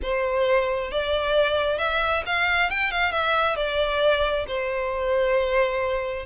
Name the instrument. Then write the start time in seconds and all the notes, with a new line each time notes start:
violin
0.02 C5
0.91 D5
1.78 E5
2.26 F5
2.69 G5
2.91 F5
3.11 E5
3.56 D5
4.47 C5